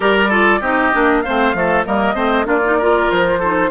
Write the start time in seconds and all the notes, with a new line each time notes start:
0.00 G3 G4 A#4 D5
0.29 F4 A4
0.60 C4 D#4 G4 D#5
0.93 A#3 D4
1.21 C4 C5 F5
1.28 A3
1.53 F3 A3 A4
1.84 G3 A#3 A#4 D#5
2.14 A3 C4 C5
2.44 A#3 D4 F4 D5
2.64 D#4
2.78 F4 A#4
3.10 F3 C5
3.39 D#4 A4